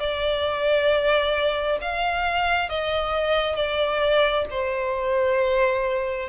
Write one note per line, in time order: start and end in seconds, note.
0.00 1.79 D5
1.82 2.69 F5
2.69 3.56 D#5
3.56 4.45 D5
4.51 6.29 C5